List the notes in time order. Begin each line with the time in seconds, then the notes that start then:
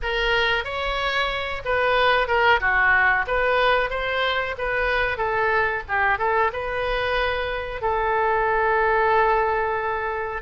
0.02 A#4
0.64 C#5
1.64 B4
2.27 A#4
2.60 F#4
3.27 B4
3.90 C5
4.58 B4
5.17 A4
5.88 G4
6.18 A4
6.52 B4
7.81 A4